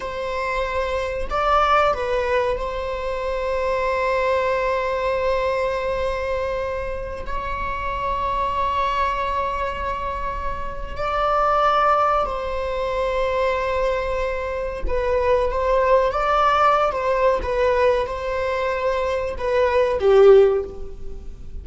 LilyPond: \new Staff \with { instrumentName = "viola" } { \time 4/4 \tempo 4 = 93 c''2 d''4 b'4 | c''1~ | c''2.~ c''16 cis''8.~ | cis''1~ |
cis''4 d''2 c''4~ | c''2. b'4 | c''4 d''4~ d''16 c''8. b'4 | c''2 b'4 g'4 | }